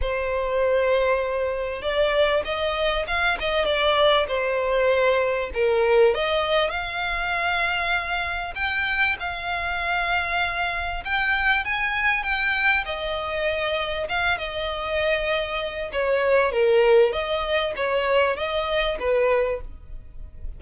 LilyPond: \new Staff \with { instrumentName = "violin" } { \time 4/4 \tempo 4 = 98 c''2. d''4 | dis''4 f''8 dis''8 d''4 c''4~ | c''4 ais'4 dis''4 f''4~ | f''2 g''4 f''4~ |
f''2 g''4 gis''4 | g''4 dis''2 f''8 dis''8~ | dis''2 cis''4 ais'4 | dis''4 cis''4 dis''4 b'4 | }